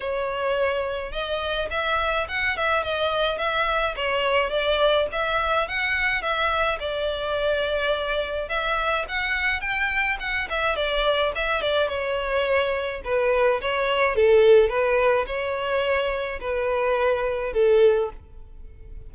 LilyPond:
\new Staff \with { instrumentName = "violin" } { \time 4/4 \tempo 4 = 106 cis''2 dis''4 e''4 | fis''8 e''8 dis''4 e''4 cis''4 | d''4 e''4 fis''4 e''4 | d''2. e''4 |
fis''4 g''4 fis''8 e''8 d''4 | e''8 d''8 cis''2 b'4 | cis''4 a'4 b'4 cis''4~ | cis''4 b'2 a'4 | }